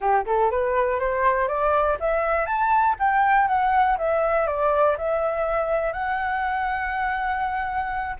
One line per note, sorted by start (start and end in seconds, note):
0.00 0.25 G4
0.26 0.50 A4
0.50 0.99 B4
0.99 1.48 C5
1.48 1.97 D5
1.99 2.46 E5
2.46 2.95 A5
2.99 3.47 G5
3.47 3.97 F#5
3.98 4.46 E5
4.46 4.96 D5
4.97 5.93 E5
5.93 8.16 F#5